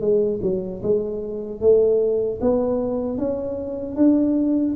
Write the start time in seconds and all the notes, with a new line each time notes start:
0.00 G#3
0.42 F#3
0.82 G#3
1.60 A3
2.41 B3
3.17 C#4
3.95 D4